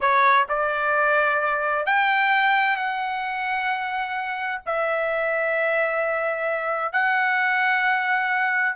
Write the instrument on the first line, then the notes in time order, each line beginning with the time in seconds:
trumpet
0.00 C#5
0.48 D5
1.86 G5
2.76 F#5
4.66 E5
6.92 F#5